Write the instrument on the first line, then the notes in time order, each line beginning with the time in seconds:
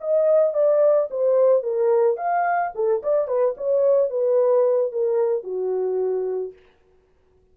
horn
0.00 D#5
0.54 D5
1.10 C5
1.63 A#4
2.17 F5
2.74 A4
3.02 D5
3.27 B4
3.57 C#5
4.10 B4
4.91 A#4
5.43 F#4